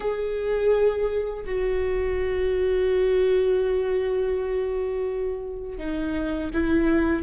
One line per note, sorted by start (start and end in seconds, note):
0.00 1.44 G#4
1.45 5.77 F#4
5.77 6.50 D#4
6.53 7.23 E4